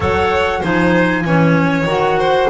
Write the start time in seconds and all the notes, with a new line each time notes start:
0.00 F#3 A4 C#5 F#5
0.60 F3 D#4 C5 G#5
1.24 E3 C#4 C#5
1.85 D#3 F#4 F#5
2.18 C5